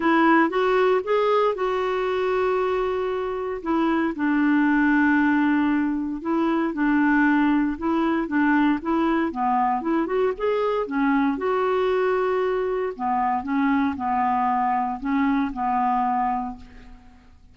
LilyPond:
\new Staff \with { instrumentName = "clarinet" } { \time 4/4 \tempo 4 = 116 e'4 fis'4 gis'4 fis'4~ | fis'2. e'4 | d'1 | e'4 d'2 e'4 |
d'4 e'4 b4 e'8 fis'8 | gis'4 cis'4 fis'2~ | fis'4 b4 cis'4 b4~ | b4 cis'4 b2 | }